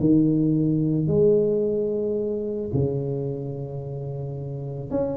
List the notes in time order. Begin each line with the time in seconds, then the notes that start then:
0.00 D#3
1.08 G#3
2.73 C#3
4.91 C#4